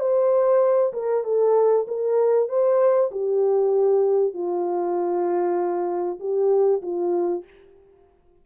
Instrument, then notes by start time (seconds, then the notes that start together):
horn
0.00 C5
0.93 A#4
1.24 A4
1.88 A#4
2.49 C5
3.11 G4
4.34 F4
6.20 G4
6.82 F4